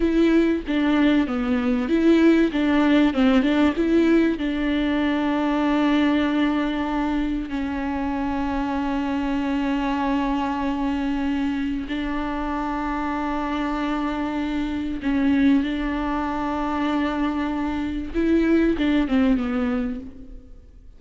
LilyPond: \new Staff \with { instrumentName = "viola" } { \time 4/4 \tempo 4 = 96 e'4 d'4 b4 e'4 | d'4 c'8 d'8 e'4 d'4~ | d'1 | cis'1~ |
cis'2. d'4~ | d'1 | cis'4 d'2.~ | d'4 e'4 d'8 c'8 b4 | }